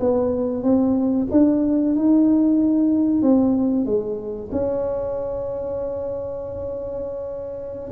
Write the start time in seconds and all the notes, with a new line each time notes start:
0.00 B3
0.63 C4
1.31 D4
1.96 D#4
3.23 C4
3.86 G#3
4.52 C#4